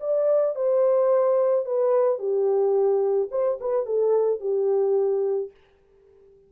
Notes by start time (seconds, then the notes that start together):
0.00 D5
0.55 C5
1.65 B4
2.18 G4
3.31 C5
3.60 B4
3.85 A4
4.40 G4